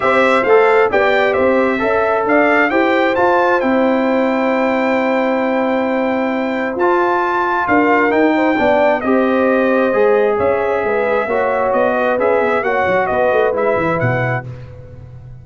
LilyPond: <<
  \new Staff \with { instrumentName = "trumpet" } { \time 4/4 \tempo 4 = 133 e''4 f''4 g''4 e''4~ | e''4 f''4 g''4 a''4 | g''1~ | g''2. a''4~ |
a''4 f''4 g''2 | dis''2. e''4~ | e''2 dis''4 e''4 | fis''4 dis''4 e''4 fis''4 | }
  \new Staff \with { instrumentName = "horn" } { \time 4/4 c''2 d''4 c''4 | e''4 d''4 c''2~ | c''1~ | c''1~ |
c''4 ais'4. c''8 d''4 | c''2. cis''4 | b'4 cis''4. b'4. | cis''4 b'2. | }
  \new Staff \with { instrumentName = "trombone" } { \time 4/4 g'4 a'4 g'2 | a'2 g'4 f'4 | e'1~ | e'2. f'4~ |
f'2 dis'4 d'4 | g'2 gis'2~ | gis'4 fis'2 gis'4 | fis'2 e'2 | }
  \new Staff \with { instrumentName = "tuba" } { \time 4/4 c'4 a4 b4 c'4 | cis'4 d'4 e'4 f'4 | c'1~ | c'2. f'4~ |
f'4 d'4 dis'4 b4 | c'2 gis4 cis'4 | gis4 ais4 b4 cis'8 b8 | ais8 fis8 b8 a8 gis8 e8 b,4 | }
>>